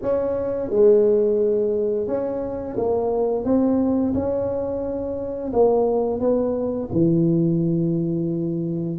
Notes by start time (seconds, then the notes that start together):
0.02 C#4
0.70 G#3
2.07 C#4
2.76 A#3
3.44 C4
4.14 C#4
5.52 A#3
6.19 B3
6.92 E3